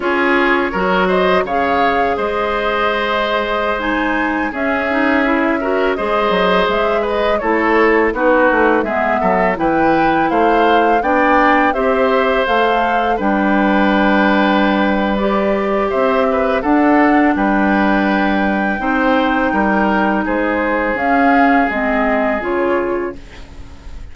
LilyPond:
<<
  \new Staff \with { instrumentName = "flute" } { \time 4/4 \tempo 4 = 83 cis''4. dis''8 f''4 dis''4~ | dis''4~ dis''16 gis''4 e''4.~ e''16~ | e''16 dis''4 e''8 dis''8 cis''4 b'8.~ | b'16 e''4 g''4 f''4 g''8.~ |
g''16 e''4 f''4 g''4.~ g''16~ | g''4 d''4 e''4 fis''4 | g''1 | c''4 f''4 dis''4 cis''4 | }
  \new Staff \with { instrumentName = "oboe" } { \time 4/4 gis'4 ais'8 c''8 cis''4 c''4~ | c''2~ c''16 gis'4. ais'16~ | ais'16 c''4. b'8 a'4 fis'8.~ | fis'16 gis'8 a'8 b'4 c''4 d''8.~ |
d''16 c''2 b'4.~ b'16~ | b'2 c''8 b'8 a'4 | b'2 c''4 ais'4 | gis'1 | }
  \new Staff \with { instrumentName = "clarinet" } { \time 4/4 f'4 fis'4 gis'2~ | gis'4~ gis'16 dis'4 cis'8 dis'8 e'8 fis'16~ | fis'16 gis'2 e'4 dis'8.~ | dis'16 b4 e'2 d'8.~ |
d'16 g'4 a'4 d'4.~ d'16~ | d'4 g'2 d'4~ | d'2 dis'2~ | dis'4 cis'4 c'4 f'4 | }
  \new Staff \with { instrumentName = "bassoon" } { \time 4/4 cis'4 fis4 cis4 gis4~ | gis2~ gis16 cis'4.~ cis'16~ | cis'16 gis8 fis8 gis4 a4 b8 a16~ | a16 gis8 fis8 e4 a4 b8.~ |
b16 c'4 a4 g4.~ g16~ | g2 c'4 d'4 | g2 c'4 g4 | gis4 cis'4 gis4 cis4 | }
>>